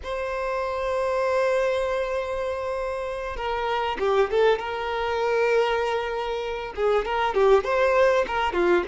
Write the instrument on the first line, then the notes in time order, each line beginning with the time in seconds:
violin
0.03 C5
3.36 A#4
3.99 G4
4.30 A4
4.59 A#4
6.75 G#4
7.05 A#4
7.34 G4
7.64 C5
8.27 A#4
8.53 F4